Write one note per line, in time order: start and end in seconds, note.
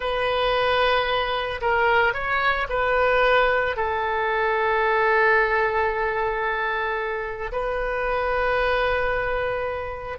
0.00 1.60 B4
1.61 2.13 A#4
2.13 2.67 C#5
2.69 3.76 B4
3.76 7.51 A4
7.52 10.18 B4